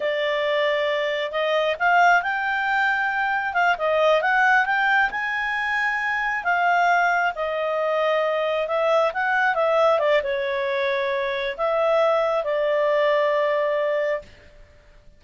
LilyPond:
\new Staff \with { instrumentName = "clarinet" } { \time 4/4 \tempo 4 = 135 d''2. dis''4 | f''4 g''2. | f''8 dis''4 fis''4 g''4 gis''8~ | gis''2~ gis''8 f''4.~ |
f''8 dis''2. e''8~ | e''8 fis''4 e''4 d''8 cis''4~ | cis''2 e''2 | d''1 | }